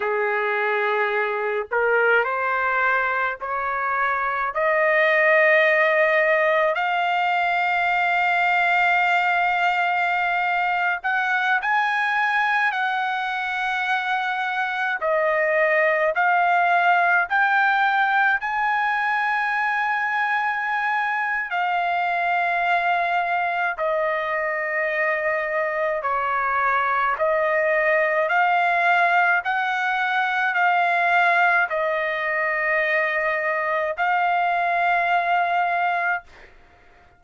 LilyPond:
\new Staff \with { instrumentName = "trumpet" } { \time 4/4 \tempo 4 = 53 gis'4. ais'8 c''4 cis''4 | dis''2 f''2~ | f''4.~ f''16 fis''8 gis''4 fis''8.~ | fis''4~ fis''16 dis''4 f''4 g''8.~ |
g''16 gis''2~ gis''8. f''4~ | f''4 dis''2 cis''4 | dis''4 f''4 fis''4 f''4 | dis''2 f''2 | }